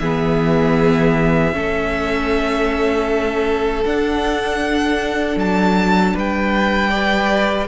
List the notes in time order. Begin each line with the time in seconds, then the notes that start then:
0.00 E3 B3 G#4 E5
1.54 A3 C#4 A4
3.85 D4 F#5
5.37 F#3 A5
6.14 G3 B4 G5
6.90 B4 D5